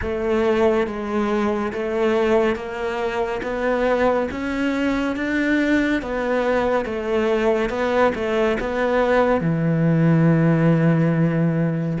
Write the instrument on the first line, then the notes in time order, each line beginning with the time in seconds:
cello
0.01 A3
0.86 G#3
1.73 A3
2.55 A#3
3.42 B3
4.31 C#4
5.16 D4
6.02 B3
6.85 A3
7.69 B3
8.14 A3
8.59 B3
9.41 E3